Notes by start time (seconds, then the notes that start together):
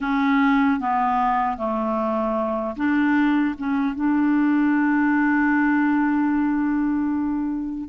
0.00 C#4
0.79 B3
1.57 A3
2.76 D4
3.58 C#4
3.95 D4